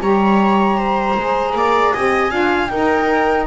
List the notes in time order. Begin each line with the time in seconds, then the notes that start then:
0.00 G3 G4 C#5 A#5
0.78 C5
1.17 G#3 G#4
1.55 A#3 D5
1.93 C4 G4 D#5 G#5
2.30 D4 F4 F5
2.68 D#4 A#4 G5